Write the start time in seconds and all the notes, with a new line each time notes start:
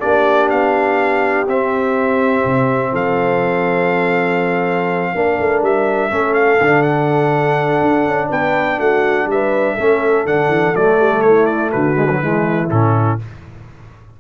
0.00 A#3 D4 G4 D5
0.50 B3 F5
1.47 C4 E5
2.45 C3
2.91 F3 A4 F5
5.15 A#3 D4 A#4
5.39 A3
5.62 G3 E5
6.10 A3 C#4 A4
6.34 F5
6.60 D3 D4
6.82 F#5
7.82 D4
8.06 C#4
8.29 B3 B4 G5
8.78 A3 F#4 F#5
9.26 G3 E5
9.32 B4
9.74 A3 C#4 A4
10.26 D3 D4 F#5
10.48 E3
10.75 F#3 A3 D5
10.99 G3
11.21 A3 E4 C#5
11.46 D5
11.72 D3 F#4 B4
11.96 G#3
12.09 F#3
12.21 E3 G#3 E4
12.70 A2 C#4 A4